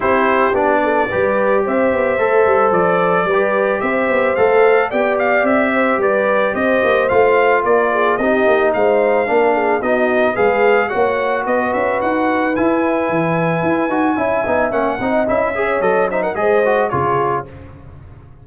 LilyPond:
<<
  \new Staff \with { instrumentName = "trumpet" } { \time 4/4 \tempo 4 = 110 c''4 d''2 e''4~ | e''4 d''2 e''4 | f''4 g''8 f''8 e''4 d''4 | dis''4 f''4 d''4 dis''4 |
f''2 dis''4 f''4 | fis''4 dis''8 e''8 fis''4 gis''4~ | gis''2. fis''4 | e''4 dis''8 e''16 fis''16 dis''4 cis''4 | }
  \new Staff \with { instrumentName = "horn" } { \time 4/4 g'4. a'8 b'4 c''4~ | c''2 b'4 c''4~ | c''4 d''4. c''8 b'4 | c''2 ais'8 gis'8 g'4 |
c''4 ais'8 gis'8 fis'4 b'4 | cis''4 b'2.~ | b'2 e''4. dis''8~ | dis''8 cis''4 c''16 ais'16 c''4 gis'4 | }
  \new Staff \with { instrumentName = "trombone" } { \time 4/4 e'4 d'4 g'2 | a'2 g'2 | a'4 g'2.~ | g'4 f'2 dis'4~ |
dis'4 d'4 dis'4 gis'4 | fis'2. e'4~ | e'4. fis'8 e'8 dis'8 cis'8 dis'8 | e'8 gis'8 a'8 dis'8 gis'8 fis'8 f'4 | }
  \new Staff \with { instrumentName = "tuba" } { \time 4/4 c'4 b4 g4 c'8 b8 | a8 g8 f4 g4 c'8 b8 | a4 b4 c'4 g4 | c'8 ais8 a4 ais4 c'8 ais8 |
gis4 ais4 b4 gis4 | ais4 b8 cis'8 dis'4 e'4 | e4 e'8 dis'8 cis'8 b8 ais8 c'8 | cis'4 fis4 gis4 cis4 | }
>>